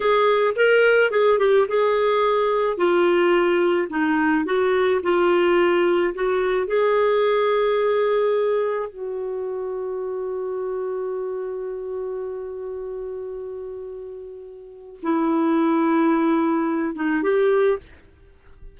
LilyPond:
\new Staff \with { instrumentName = "clarinet" } { \time 4/4 \tempo 4 = 108 gis'4 ais'4 gis'8 g'8 gis'4~ | gis'4 f'2 dis'4 | fis'4 f'2 fis'4 | gis'1 |
fis'1~ | fis'1~ | fis'2. e'4~ | e'2~ e'8 dis'8 g'4 | }